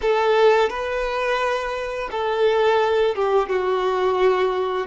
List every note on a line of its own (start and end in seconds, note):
0.01 0.69 A4
0.69 2.09 B4
2.11 3.15 A4
3.15 3.49 G4
3.49 4.86 F#4